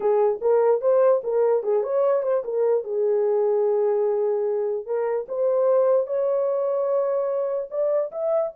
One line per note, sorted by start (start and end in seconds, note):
0.00 0.39 G#4
0.41 0.81 A#4
0.81 1.21 C5
1.23 1.63 A#4
1.63 1.83 G#4
1.83 2.23 C#5
2.23 2.43 C5
2.44 2.84 A#4
2.84 4.86 G#4
4.86 5.26 A#4
5.28 6.06 C5
6.06 7.68 C#5
7.70 8.11 D5
8.11 8.52 E5